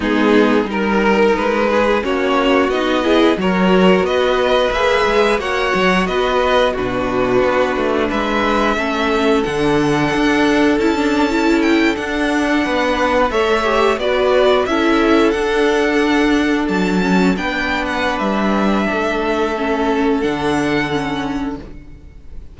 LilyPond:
<<
  \new Staff \with { instrumentName = "violin" } { \time 4/4 \tempo 4 = 89 gis'4 ais'4 b'4 cis''4 | dis''4 cis''4 dis''4 e''4 | fis''4 dis''4 b'2 | e''2 fis''2 |
a''4~ a''16 g''8 fis''2 e''16~ | e''8. d''4 e''4 fis''4~ fis''16~ | fis''8. a''4 g''8. fis''8 e''4~ | e''2 fis''2 | }
  \new Staff \with { instrumentName = "violin" } { \time 4/4 dis'4 ais'4. gis'8 fis'4~ | fis'8 gis'8 ais'4 b'2 | cis''4 b'4 fis'2 | b'4 a'2.~ |
a'2~ a'8. b'4 cis''16~ | cis''8. b'4 a'2~ a'16~ | a'4.~ a'16 b'2~ b'16 | a'1 | }
  \new Staff \with { instrumentName = "viola" } { \time 4/4 b4 dis'2 cis'4 | dis'8 e'8 fis'2 gis'4 | fis'2 d'2~ | d'4 cis'4 d'2 |
e'16 d'8 e'4 d'2 a'16~ | a'16 g'8 fis'4 e'4 d'4~ d'16~ | d'4~ d'16 cis'8 d'2~ d'16~ | d'4 cis'4 d'4 cis'4 | }
  \new Staff \with { instrumentName = "cello" } { \time 4/4 gis4 g4 gis4 ais4 | b4 fis4 b4 ais8 gis8 | ais8 fis8 b4 b,4 b8 a8 | gis4 a4 d4 d'4 |
cis'4.~ cis'16 d'4 b4 a16~ | a8. b4 cis'4 d'4~ d'16~ | d'8. fis4 b4~ b16 g4 | a2 d2 | }
>>